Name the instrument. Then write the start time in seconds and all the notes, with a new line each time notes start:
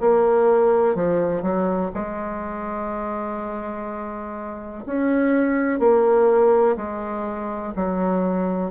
bassoon
0.00 A#3
0.95 F3
1.43 F#3
1.94 G#3
4.86 C#4
5.80 A#3
6.77 G#3
7.76 F#3